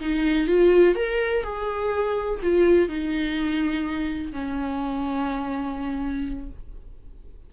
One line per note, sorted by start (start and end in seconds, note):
0.00 0.47 D#4
0.47 0.95 F4
0.95 1.43 A#4
1.43 2.40 G#4
2.42 2.88 F4
2.88 4.32 D#4
4.32 6.49 C#4